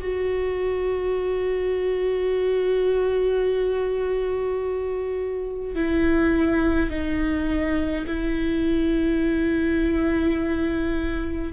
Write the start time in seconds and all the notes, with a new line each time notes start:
0.00 F#4
5.75 E4
6.90 D#4
8.06 E4